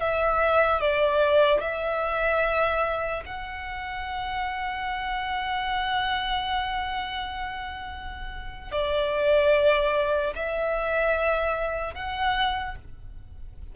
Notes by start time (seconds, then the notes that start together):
0.00 E5
0.81 D5
1.61 E5
3.25 F#5
8.72 D5
10.35 E5
11.94 F#5